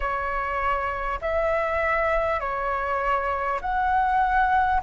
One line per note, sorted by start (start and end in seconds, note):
0.00 1.19 C#5
1.21 2.40 E5
2.40 3.60 C#5
3.61 4.81 F#5